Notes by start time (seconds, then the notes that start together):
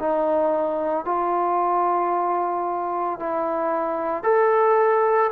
0.00 D#4
1.06 F4
3.20 E4
4.24 A4